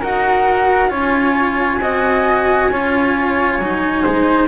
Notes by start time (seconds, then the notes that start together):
0.00 D#4 F#4 A#4 F#5
0.89 C#4 F4 C#5 G#5
1.79 C4 F#4 D#5
2.70 C#4 F4 C#5
3.58 F#3 D#4
4.02 G#3 C5